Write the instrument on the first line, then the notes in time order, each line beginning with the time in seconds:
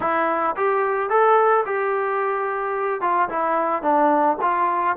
trombone
0.00 E4
0.56 G4
1.09 A4
1.65 G4
3.01 F4
3.29 E4
3.82 D4
4.41 F4